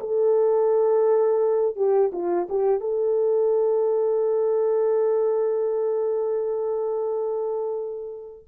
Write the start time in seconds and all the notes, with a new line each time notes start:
0.00 A4
1.76 G4
2.12 F4
2.49 G4
2.80 A4